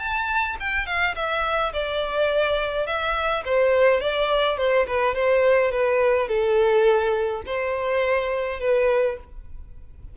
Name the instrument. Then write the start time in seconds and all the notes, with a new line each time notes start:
violin
0.00 A5
0.60 G5
0.87 F5
1.16 E5
1.74 D5
2.87 E5
3.45 C5
4.01 D5
4.58 C5
4.88 B4
5.15 C5
5.72 B4
6.29 A4
7.46 C5
8.60 B4